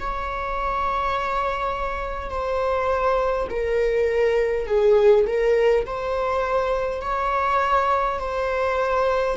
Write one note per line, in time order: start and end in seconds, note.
0.00 2.30 C#5
2.30 3.48 C5
3.50 4.67 A#4
4.67 5.26 G#4
5.27 5.86 A#4
5.86 7.01 C5
7.01 8.19 C#5
8.19 9.37 C5